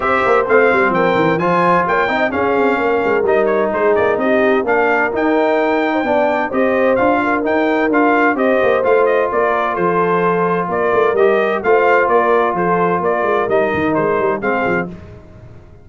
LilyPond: <<
  \new Staff \with { instrumentName = "trumpet" } { \time 4/4 \tempo 4 = 129 e''4 f''4 g''4 gis''4 | g''4 f''2 dis''8 cis''8 | c''8 d''8 dis''4 f''4 g''4~ | g''2 dis''4 f''4 |
g''4 f''4 dis''4 f''8 dis''8 | d''4 c''2 d''4 | dis''4 f''4 d''4 c''4 | d''4 dis''4 c''4 f''4 | }
  \new Staff \with { instrumentName = "horn" } { \time 4/4 c''2 ais'4 c''4 | cis''8 dis''8 gis'4 ais'2 | gis'4 g'4 ais'2~ | ais'8. c''16 d''4 c''4. ais'8~ |
ais'2 c''2 | ais'4 a'2 ais'4~ | ais'4 c''4 ais'4 a'4 | ais'2. gis'4 | }
  \new Staff \with { instrumentName = "trombone" } { \time 4/4 g'4 c'2 f'4~ | f'8 dis'8 cis'2 dis'4~ | dis'2 d'4 dis'4~ | dis'4 d'4 g'4 f'4 |
dis'4 f'4 g'4 f'4~ | f'1 | g'4 f'2.~ | f'4 dis'2 c'4 | }
  \new Staff \with { instrumentName = "tuba" } { \time 4/4 c'8 ais8 a8 g8 f8 e8 f4 | ais8 c'8 cis'8 c'8 ais8 gis8 g4 | gis8 ais8 c'4 ais4 dis'4~ | dis'4 b4 c'4 d'4 |
dis'4 d'4 c'8 ais8 a4 | ais4 f2 ais8 a8 | g4 a4 ais4 f4 | ais8 gis8 g8 dis8 gis8 g8 gis8 f8 | }
>>